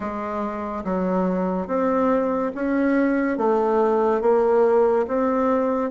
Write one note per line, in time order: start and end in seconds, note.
0.00 0.83 G#3
0.84 1.67 F#3
1.67 2.51 C4
2.54 3.37 C#4
3.37 4.21 A3
4.21 5.06 A#3
5.07 5.90 C4